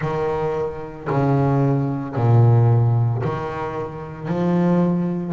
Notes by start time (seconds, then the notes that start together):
0.01 D#3
1.09 C#3
2.15 A#2
3.24 D#3
4.28 F3